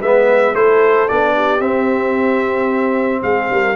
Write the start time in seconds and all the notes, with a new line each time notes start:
0.00 G#3 B3 B4 E5
0.54 A3 E4 A4 C5
1.08 B3 D4 D5
1.35 G4
1.60 C4 E5
3.22 G#3 G#4 F5
3.50 G3 A#4